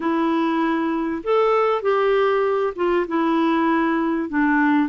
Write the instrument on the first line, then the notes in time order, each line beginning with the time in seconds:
clarinet
0.00 E4
1.23 A4
1.81 G4
2.75 F4
3.08 E4
4.29 D4